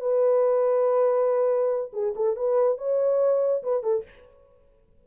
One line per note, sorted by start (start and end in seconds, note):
0.00 1.91 B4
1.93 2.14 G#4
2.16 2.36 A4
2.36 2.78 B4
2.78 3.63 C#5
3.63 3.83 B4
3.83 4.04 A4